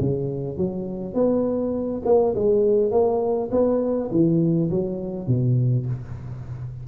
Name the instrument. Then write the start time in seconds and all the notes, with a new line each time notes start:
tuba
0.00 C#3
0.57 F#3
1.14 B3
2.05 A#3
2.35 G#3
2.91 A#3
3.51 B3
4.11 E3
4.70 F#3
5.27 B2